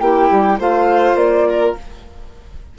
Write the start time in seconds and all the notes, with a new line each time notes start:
0.00 A#3 E4 G4 G5
0.31 G3
0.59 A3 F4 C5 F5
1.15 A#3 D5
1.50 A#4